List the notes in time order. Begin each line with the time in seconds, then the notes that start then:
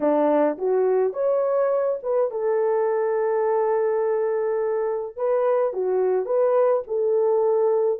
0.00 D4
0.57 F#4
1.13 C#5
2.03 B4
2.30 A4
5.16 B4
5.73 F#4
6.25 B4
6.87 A4